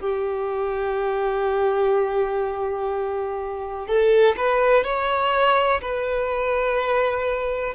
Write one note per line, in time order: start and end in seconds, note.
0.00 3.87 G4
3.87 4.35 A4
4.36 4.83 B4
4.83 5.80 C#5
5.81 7.74 B4